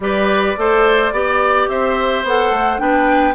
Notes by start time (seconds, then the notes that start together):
0.00 G3 G4 B4 D5
0.56 A3 A4 C5
1.12 B3 G4 D5
1.68 C4 C5 E5
2.23 B3 A4 F#5
2.50 A3
2.77 B3 D4 B4 G5